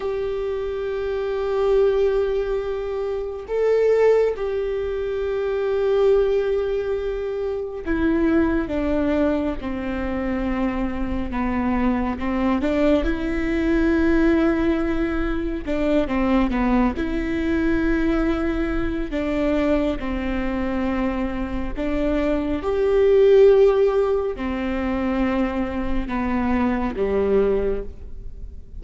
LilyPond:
\new Staff \with { instrumentName = "viola" } { \time 4/4 \tempo 4 = 69 g'1 | a'4 g'2.~ | g'4 e'4 d'4 c'4~ | c'4 b4 c'8 d'8 e'4~ |
e'2 d'8 c'8 b8 e'8~ | e'2 d'4 c'4~ | c'4 d'4 g'2 | c'2 b4 g4 | }